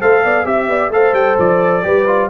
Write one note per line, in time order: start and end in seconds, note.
0.00 0.24 A3
0.00 0.45 A4
0.00 0.23 C5
0.00 0.46 F5
0.24 0.45 B3
0.24 0.47 D5
0.45 0.67 C4
0.45 0.90 G4
0.45 0.91 E5
0.45 0.70 E5
0.67 0.90 B3
0.67 0.93 D5
0.90 1.12 A3
0.90 1.82 A4
0.90 1.85 C5
0.90 1.14 F5
1.12 1.35 G3
1.12 1.37 G5
1.38 1.84 F3
1.38 2.30 D5
1.82 2.30 G3
1.82 2.05 G4
1.82 2.30 B4
2.07 2.30 F4